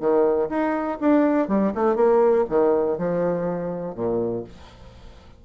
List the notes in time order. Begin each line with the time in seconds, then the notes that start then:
0.00 D#3
0.49 D#4
1.01 D4
1.48 G3
1.75 A3
1.96 A#3
2.49 D#3
2.98 F3
3.95 A#2